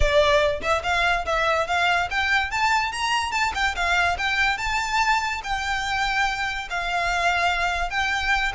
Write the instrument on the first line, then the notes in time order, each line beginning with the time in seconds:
violin
0.00 D5
0.61 E5
0.83 F5
1.25 E5
1.67 F5
2.10 G5
2.50 A5
2.92 A#5
3.31 A5
3.54 G5
3.75 F5
4.18 G5
4.57 A5
5.43 G5
6.70 F5
7.90 G5